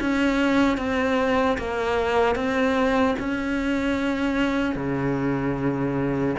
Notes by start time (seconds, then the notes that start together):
0.00 C#4
0.77 C4
1.58 A#3
2.35 C4
3.19 C#4
4.75 C#3